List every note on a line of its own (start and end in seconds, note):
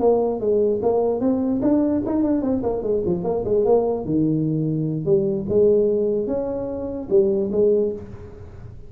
0.00 0.40 A#3
0.40 0.81 G#3
0.82 1.20 A#3
1.20 1.61 C4
1.62 2.03 D4
2.06 2.23 D#4
2.23 2.42 D4
2.42 2.62 C4
2.63 2.83 A#3
2.83 3.03 G#3
3.06 3.24 F3
3.24 3.44 A#3
3.45 3.65 G#3
3.65 4.05 A#3
4.05 5.06 D#3
5.06 5.46 G3
5.49 6.27 G#3
6.27 7.08 C#4
7.10 7.51 G3
7.52 7.92 G#3